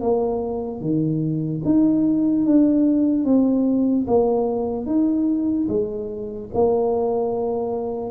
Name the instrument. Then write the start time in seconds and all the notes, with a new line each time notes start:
tuba
0.00 A#3
0.80 D#3
1.64 D#4
2.45 D4
3.25 C4
4.07 A#3
4.86 D#4
5.68 G#3
6.53 A#3